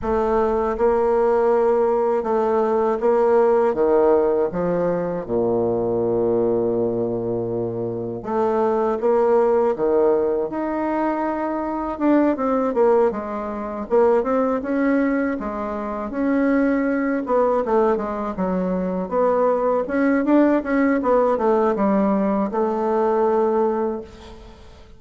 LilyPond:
\new Staff \with { instrumentName = "bassoon" } { \time 4/4 \tempo 4 = 80 a4 ais2 a4 | ais4 dis4 f4 ais,4~ | ais,2. a4 | ais4 dis4 dis'2 |
d'8 c'8 ais8 gis4 ais8 c'8 cis'8~ | cis'8 gis4 cis'4. b8 a8 | gis8 fis4 b4 cis'8 d'8 cis'8 | b8 a8 g4 a2 | }